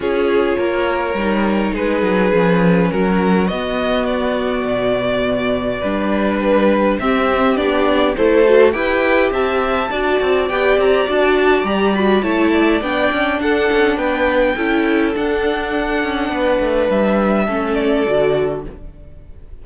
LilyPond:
<<
  \new Staff \with { instrumentName = "violin" } { \time 4/4 \tempo 4 = 103 cis''2. b'4~ | b'4 ais'4 dis''4 d''4~ | d''2. b'4 | e''4 d''4 c''4 g''4 |
a''2 g''8 ais''8 a''4 | ais''8 b''8 a''4 g''4 fis''4 | g''2 fis''2~ | fis''4 e''4. d''4. | }
  \new Staff \with { instrumentName = "violin" } { \time 4/4 gis'4 ais'2 gis'4~ | gis'4 fis'2.~ | fis'2 b'2 | g'2 a'4 b'4 |
e''4 d''2.~ | d''4 cis''8 d''4. a'4 | b'4 a'2. | b'2 a'2 | }
  \new Staff \with { instrumentName = "viola" } { \time 4/4 f'2 dis'2 | cis'2 b2~ | b2 d'2 | c'4 d'4 e'8 fis'8 g'4~ |
g'4 fis'4 g'4 fis'4 | g'8 fis'8 e'4 d'2~ | d'4 e'4 d'2~ | d'2 cis'4 fis'4 | }
  \new Staff \with { instrumentName = "cello" } { \time 4/4 cis'4 ais4 g4 gis8 fis8 | f4 fis4 b2 | b,2 g2 | c'4 b4 a4 e'4 |
c'4 d'8 c'8 b8 c'8 d'4 | g4 a4 b8 cis'8 d'8 cis'8 | b4 cis'4 d'4. cis'8 | b8 a8 g4 a4 d4 | }
>>